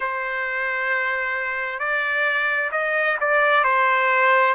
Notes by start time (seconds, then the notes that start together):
0.00 C5
1.79 D5
2.71 D#5
3.20 D5
3.64 C5